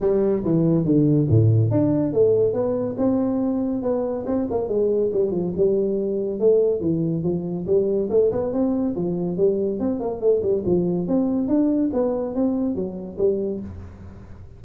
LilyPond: \new Staff \with { instrumentName = "tuba" } { \time 4/4 \tempo 4 = 141 g4 e4 d4 a,4 | d'4 a4 b4 c'4~ | c'4 b4 c'8 ais8 gis4 | g8 f8 g2 a4 |
e4 f4 g4 a8 b8 | c'4 f4 g4 c'8 ais8 | a8 g8 f4 c'4 d'4 | b4 c'4 fis4 g4 | }